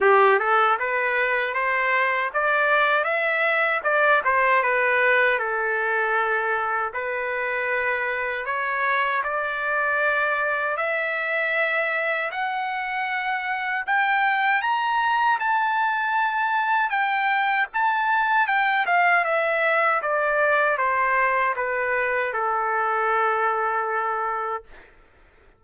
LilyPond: \new Staff \with { instrumentName = "trumpet" } { \time 4/4 \tempo 4 = 78 g'8 a'8 b'4 c''4 d''4 | e''4 d''8 c''8 b'4 a'4~ | a'4 b'2 cis''4 | d''2 e''2 |
fis''2 g''4 ais''4 | a''2 g''4 a''4 | g''8 f''8 e''4 d''4 c''4 | b'4 a'2. | }